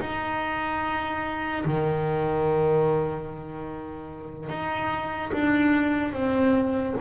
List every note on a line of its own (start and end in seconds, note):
0.00 1.64 D#4
1.65 4.49 D#3
4.49 5.31 D#4
5.33 6.13 D4
6.13 6.95 C4